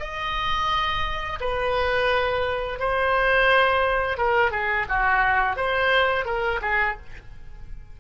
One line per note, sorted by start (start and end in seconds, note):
0.00 1.40 D#5
1.41 2.80 B4
2.80 4.18 C5
4.18 4.52 A#4
4.52 4.86 G#4
4.89 5.57 F#4
5.57 6.26 C5
6.26 6.61 A#4
6.62 6.97 G#4